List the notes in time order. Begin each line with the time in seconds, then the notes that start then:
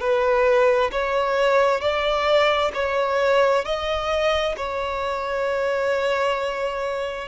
0.00 B4
0.91 C#5
1.81 D5
2.74 C#5
3.64 D#5
4.57 C#5